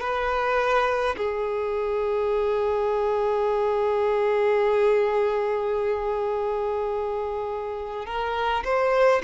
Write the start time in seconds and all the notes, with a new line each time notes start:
0.00 B4
1.17 G#4
8.06 A#4
8.64 C5